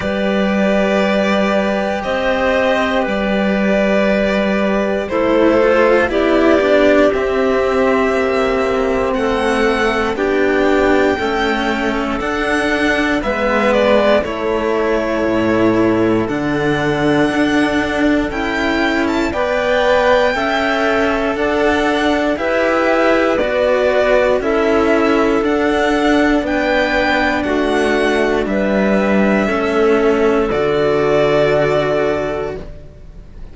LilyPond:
<<
  \new Staff \with { instrumentName = "violin" } { \time 4/4 \tempo 4 = 59 d''2 dis''4 d''4~ | d''4 c''4 d''4 e''4~ | e''4 fis''4 g''2 | fis''4 e''8 d''8 cis''2 |
fis''2 g''8. a''16 g''4~ | g''4 fis''4 e''4 d''4 | e''4 fis''4 g''4 fis''4 | e''2 d''2 | }
  \new Staff \with { instrumentName = "clarinet" } { \time 4/4 b'2 c''4 b'4~ | b'4 a'4 g'2~ | g'4 a'4 g'4 a'4~ | a'4 b'4 a'2~ |
a'2. d''4 | e''4 d''4 b'2 | a'2 b'4 fis'4 | b'4 a'2. | }
  \new Staff \with { instrumentName = "cello" } { \time 4/4 g'1~ | g'4 e'8 f'8 e'8 d'8 c'4~ | c'2 d'4 a4 | d'4 b4 e'2 |
d'2 e'4 b'4 | a'2 g'4 fis'4 | e'4 d'2.~ | d'4 cis'4 fis'2 | }
  \new Staff \with { instrumentName = "cello" } { \time 4/4 g2 c'4 g4~ | g4 a4 b4 c'4 | ais4 a4 b4 cis'4 | d'4 gis4 a4 a,4 |
d4 d'4 cis'4 b4 | cis'4 d'4 e'4 b4 | cis'4 d'4 b4 a4 | g4 a4 d2 | }
>>